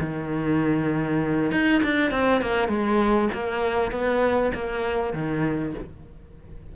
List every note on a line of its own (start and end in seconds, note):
0.00 1.51 D#3
1.51 1.81 D#4
1.83 2.10 D4
2.10 2.41 C4
2.41 2.68 A#3
2.68 3.29 G#3
3.33 3.91 A#3
3.91 4.52 B3
4.54 5.13 A#3
5.13 5.74 D#3